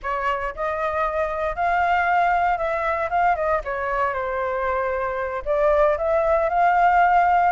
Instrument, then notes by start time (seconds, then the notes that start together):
flute
0.03 C#5
0.55 D#5
1.55 F5
2.57 E5
3.09 F5
3.35 D#5
3.64 C#5
4.13 C5
5.45 D5
5.97 E5
6.49 F5